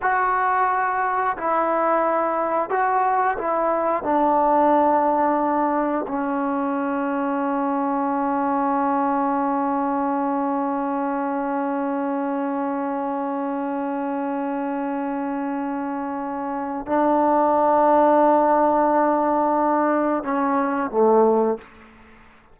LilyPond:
\new Staff \with { instrumentName = "trombone" } { \time 4/4 \tempo 4 = 89 fis'2 e'2 | fis'4 e'4 d'2~ | d'4 cis'2.~ | cis'1~ |
cis'1~ | cis'1~ | cis'4 d'2.~ | d'2 cis'4 a4 | }